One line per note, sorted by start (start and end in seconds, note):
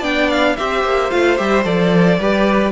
0.00 0.56 B3
0.00 0.56 D4
0.00 0.54 D5
0.00 0.31 G5
0.31 0.57 F5
0.57 0.84 C4
0.57 1.11 G4
0.57 2.19 C5
0.57 1.11 E5
0.84 1.11 A#3
1.11 1.40 A3
1.11 1.37 F4
1.11 1.37 F5
1.37 1.65 G3
1.37 1.64 G4
1.37 1.64 E5
1.64 2.19 F3
1.64 2.18 A4
1.64 2.72 D5
2.19 2.72 G3
2.19 2.72 G4
2.19 2.72 B4